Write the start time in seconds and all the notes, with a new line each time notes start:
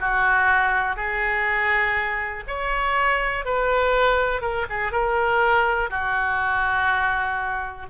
0.00 F#4
0.97 G#4
2.47 C#5
3.45 B4
4.41 A#4
4.69 G#4
4.92 A#4
5.90 F#4